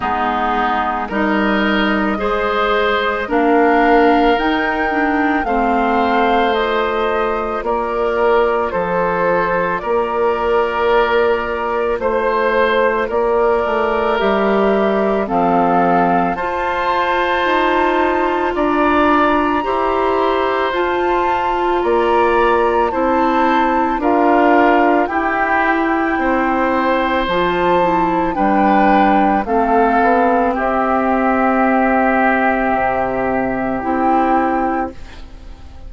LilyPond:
<<
  \new Staff \with { instrumentName = "flute" } { \time 4/4 \tempo 4 = 55 gis'4 dis''2 f''4 | g''4 f''4 dis''4 d''4 | c''4 d''2 c''4 | d''4 e''4 f''4 a''4~ |
a''4 ais''2 a''4 | ais''4 a''4 f''4 g''4~ | g''4 a''4 g''4 f''4 | e''2. g''4 | }
  \new Staff \with { instrumentName = "oboe" } { \time 4/4 dis'4 ais'4 c''4 ais'4~ | ais'4 c''2 ais'4 | a'4 ais'2 c''4 | ais'2 a'4 c''4~ |
c''4 d''4 c''2 | d''4 c''4 ais'4 g'4 | c''2 b'4 a'4 | g'1 | }
  \new Staff \with { instrumentName = "clarinet" } { \time 4/4 b4 dis'4 gis'4 d'4 | dis'8 d'8 c'4 f'2~ | f'1~ | f'4 g'4 c'4 f'4~ |
f'2 g'4 f'4~ | f'4 e'4 f'4 e'4~ | e'4 f'8 e'8 d'4 c'4~ | c'2. e'4 | }
  \new Staff \with { instrumentName = "bassoon" } { \time 4/4 gis4 g4 gis4 ais4 | dis'4 a2 ais4 | f4 ais2 a4 | ais8 a8 g4 f4 f'4 |
dis'4 d'4 e'4 f'4 | ais4 c'4 d'4 e'4 | c'4 f4 g4 a8 b8 | c'2 c4 c'4 | }
>>